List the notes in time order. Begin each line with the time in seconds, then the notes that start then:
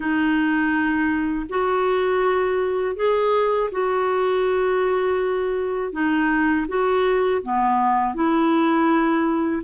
0.00 D#4
1.48 F#4
2.96 G#4
3.71 F#4
5.92 D#4
6.67 F#4
7.42 B3
8.14 E4